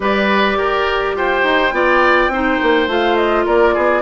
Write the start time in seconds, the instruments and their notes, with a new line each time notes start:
0.00 bassoon G3, clarinet G4, oboe B4, flute D5
0.55 bassoon G4, oboe A#4
1.14 bassoon F4, oboe C5, flute G5
1.43 bassoon D#4
1.72 bassoon B3, clarinet F4, oboe D5
2.28 bassoon C4, clarinet D#4, oboe C5
2.62 bassoon A#3
2.87 bassoon A3, clarinet F4, flute F5
3.16 flute D#5
3.45 bassoon A#3, oboe A#4, flute D5
3.73 bassoon B3, oboe G#4